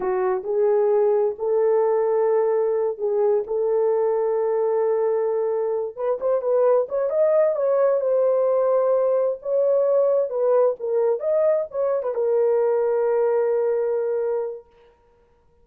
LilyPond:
\new Staff \with { instrumentName = "horn" } { \time 4/4 \tempo 4 = 131 fis'4 gis'2 a'4~ | a'2~ a'8 gis'4 a'8~ | a'1~ | a'4 b'8 c''8 b'4 cis''8 dis''8~ |
dis''8 cis''4 c''2~ c''8~ | c''8 cis''2 b'4 ais'8~ | ais'8 dis''4 cis''8. b'16 ais'4.~ | ais'1 | }